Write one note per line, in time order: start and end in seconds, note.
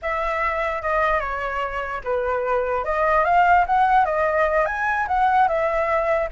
0.02 0.82 E5
0.82 1.20 D#5
1.20 2.01 C#5
2.04 2.84 B4
2.84 3.24 D#5
3.24 3.65 F5
3.66 4.05 F#5
4.05 4.65 D#5
4.65 5.06 G#5
5.07 5.47 F#5
5.47 6.29 E5